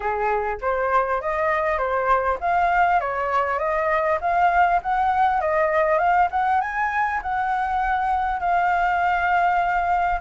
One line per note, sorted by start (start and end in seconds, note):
0.00 0.57 G#4
0.61 1.21 C5
1.21 1.78 D#5
1.78 2.38 C5
2.40 3.00 F5
3.00 3.58 C#5
3.58 4.18 D#5
4.21 4.81 F5
4.82 5.40 F#5
5.40 5.98 D#5
5.98 6.28 F5
6.30 6.60 F#5
6.60 7.20 G#5
7.22 8.40 F#5
8.40 10.20 F5